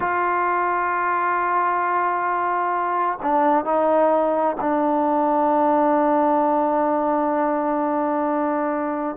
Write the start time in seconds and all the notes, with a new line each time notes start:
0.00 F4
3.22 D4
3.64 D#4
4.60 D4